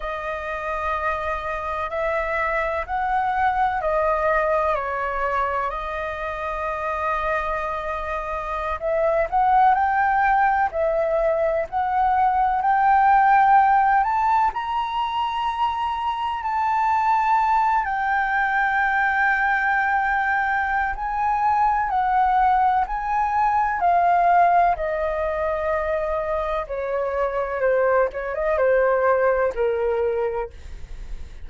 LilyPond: \new Staff \with { instrumentName = "flute" } { \time 4/4 \tempo 4 = 63 dis''2 e''4 fis''4 | dis''4 cis''4 dis''2~ | dis''4~ dis''16 e''8 fis''8 g''4 e''8.~ | e''16 fis''4 g''4. a''8 ais''8.~ |
ais''4~ ais''16 a''4. g''4~ g''16~ | g''2 gis''4 fis''4 | gis''4 f''4 dis''2 | cis''4 c''8 cis''16 dis''16 c''4 ais'4 | }